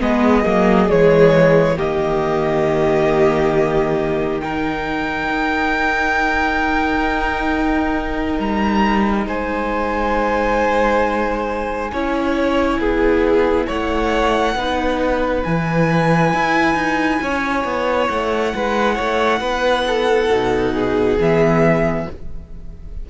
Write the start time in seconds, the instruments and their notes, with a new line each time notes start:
0.00 cello G#3, viola B3, violin G#4 D#5
0.44 cello F#3, viola A#3
0.88 cello E3, viola G#3, violin C#5
1.77 cello D#3, viola A#3, violin G4 D#5
4.40 viola D#4, violin A#4 G5
5.29 cello D#4
8.39 cello G3, violin A#5
9.26 cello G#3, violin C5 G#5
11.93 cello C#4, viola E4, violin C#5
12.79 cello B3, violin G#4
13.67 cello A3, violin C#5 F#5
14.55 cello B3, viola D#4, violin B4
15.44 cello E3, viola E4, violin G#5
16.34 cello E4
16.74 cello D#4
17.22 cello C#4, violin C#5
17.64 cello B3
18.09 cello A3, violin F#5
18.55 cello G#3, violin B4
18.95 cello A3, violin C#5
19.41 cello B3, violin B4
19.87 violin A4
20.30 cello B2, viola D#4
20.74 violin G#4
21.18 cello E3, viola B3, violin E5